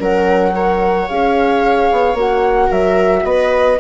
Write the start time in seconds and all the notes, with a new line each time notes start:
0.00 F#3 C#4 A#4 F#5
0.53 A#4 C#5
1.08 C#4 G#4 F5
1.91 B3
2.14 A#3 F#4 F#5
2.67 F#3 A#4 E5
3.24 B3 B4 D#5